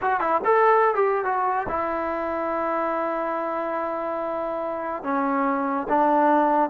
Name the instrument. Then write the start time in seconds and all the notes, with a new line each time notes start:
trombone
0.01 F#4
0.20 E4
0.44 A4
0.95 G4
1.25 F#4
1.69 E4
5.03 C#4
5.88 D4